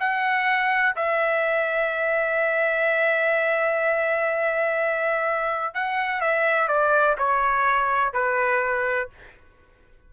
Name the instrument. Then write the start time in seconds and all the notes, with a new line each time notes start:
trumpet
0.00 F#5
0.97 E5
5.75 F#5
6.21 E5
6.69 D5
7.19 C#5
8.14 B4